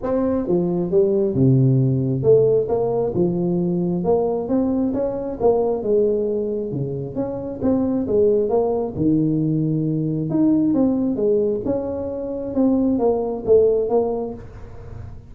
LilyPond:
\new Staff \with { instrumentName = "tuba" } { \time 4/4 \tempo 4 = 134 c'4 f4 g4 c4~ | c4 a4 ais4 f4~ | f4 ais4 c'4 cis'4 | ais4 gis2 cis4 |
cis'4 c'4 gis4 ais4 | dis2. dis'4 | c'4 gis4 cis'2 | c'4 ais4 a4 ais4 | }